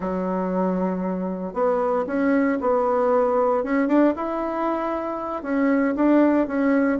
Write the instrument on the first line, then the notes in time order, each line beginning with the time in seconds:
bassoon
0.00 F#3
1.53 B3
2.06 C#4
2.61 B3
3.63 C#4
3.87 D4
4.15 E4
5.43 C#4
5.95 D4
6.47 C#4